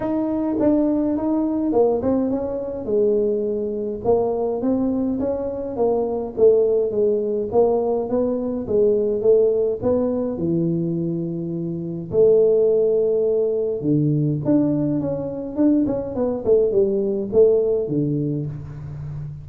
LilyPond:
\new Staff \with { instrumentName = "tuba" } { \time 4/4 \tempo 4 = 104 dis'4 d'4 dis'4 ais8 c'8 | cis'4 gis2 ais4 | c'4 cis'4 ais4 a4 | gis4 ais4 b4 gis4 |
a4 b4 e2~ | e4 a2. | d4 d'4 cis'4 d'8 cis'8 | b8 a8 g4 a4 d4 | }